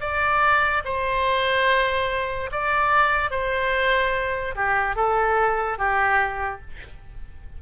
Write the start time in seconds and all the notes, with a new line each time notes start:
0.00 D5
0.84 C5
2.51 D5
3.30 C5
4.55 G4
4.96 A4
5.78 G4